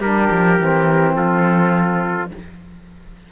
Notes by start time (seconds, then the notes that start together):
0.00 G3 D4 G4 A#4
0.31 F3
0.58 E3 C4
1.15 F3 F4 A4